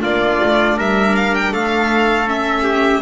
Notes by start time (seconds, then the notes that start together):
0.00 A#3 D4 F4 D5
0.43 A3
0.77 G3 A#4 E5
1.16 F5
1.34 G5
1.52 A3 A4 F5
2.27 C#4 E5
2.63 G4